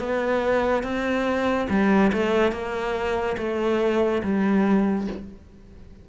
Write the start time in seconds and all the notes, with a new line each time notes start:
0.00 B3
0.84 C4
1.70 G3
2.13 A3
2.52 A#3
3.38 A3
4.23 G3